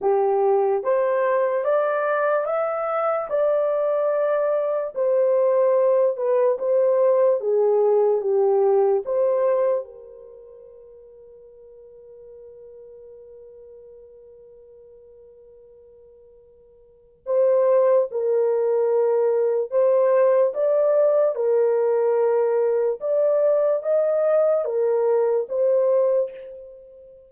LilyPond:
\new Staff \with { instrumentName = "horn" } { \time 4/4 \tempo 4 = 73 g'4 c''4 d''4 e''4 | d''2 c''4. b'8 | c''4 gis'4 g'4 c''4 | ais'1~ |
ais'1~ | ais'4 c''4 ais'2 | c''4 d''4 ais'2 | d''4 dis''4 ais'4 c''4 | }